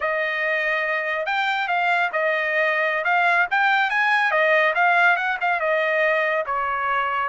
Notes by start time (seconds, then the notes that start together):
0.00 D#5
1.26 G5
1.68 F5
2.12 D#5
3.04 F5
3.50 G5
3.90 G#5
4.31 D#5
4.74 F5
5.16 F#5
5.40 F5
5.59 D#5
6.46 C#5